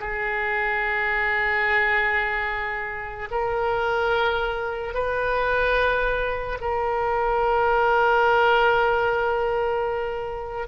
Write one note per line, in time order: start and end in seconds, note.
0.00 3.29 G#4
3.31 4.94 A#4
4.94 6.58 B4
6.61 10.68 A#4